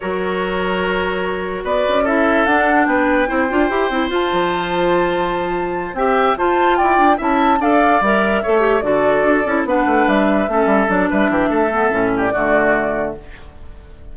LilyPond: <<
  \new Staff \with { instrumentName = "flute" } { \time 4/4 \tempo 4 = 146 cis''1 | d''4 e''4 fis''4 g''4~ | g''2 a''2~ | a''2~ a''8 g''4 a''8~ |
a''8 g''4 a''4 f''4 e''8~ | e''4. d''2 fis''8~ | fis''8 e''2 d''8 e''4~ | e''4.~ e''16 d''2~ d''16 | }
  \new Staff \with { instrumentName = "oboe" } { \time 4/4 ais'1 | b'4 a'2 b'4 | c''1~ | c''2~ c''8 e''4 c''8~ |
c''8 d''4 e''4 d''4.~ | d''8 cis''4 a'2 b'8~ | b'4. a'4. b'8 g'8 | a'4. g'8 fis'2 | }
  \new Staff \with { instrumentName = "clarinet" } { \time 4/4 fis'1~ | fis'4 e'4 d'2 | e'8 f'8 g'8 e'8 f'2~ | f'2~ f'8 g'4 f'8~ |
f'4. e'4 a'4 ais'8~ | ais'8 a'8 g'8 fis'4. e'8 d'8~ | d'4. cis'4 d'4.~ | d'8 b8 cis'4 a2 | }
  \new Staff \with { instrumentName = "bassoon" } { \time 4/4 fis1 | b8 cis'4. d'4 b4 | c'8 d'8 e'8 c'8 f'8 f4.~ | f2~ f8 c'4 f'8~ |
f'8 e'8 d'8 cis'4 d'4 g8~ | g8 a4 d4 d'8 cis'8 b8 | a8 g4 a8 g8 fis8 g8 e8 | a4 a,4 d2 | }
>>